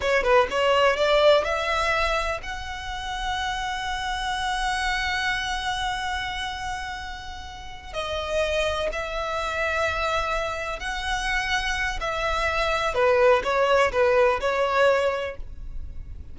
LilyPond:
\new Staff \with { instrumentName = "violin" } { \time 4/4 \tempo 4 = 125 cis''8 b'8 cis''4 d''4 e''4~ | e''4 fis''2.~ | fis''1~ | fis''1~ |
fis''8 dis''2 e''4.~ | e''2~ e''8 fis''4.~ | fis''4 e''2 b'4 | cis''4 b'4 cis''2 | }